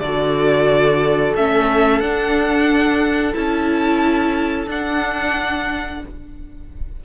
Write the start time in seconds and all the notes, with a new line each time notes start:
0.00 D3 F#4 A4 D5
1.36 A3 C#4 E5
2.00 D4 F#5
3.34 C#4 E4 A5
4.67 D4 F#5